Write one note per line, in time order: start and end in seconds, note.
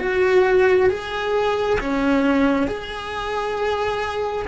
0.00 0.90 F#4
0.90 1.79 G#4
1.81 2.67 C#4
2.67 4.47 G#4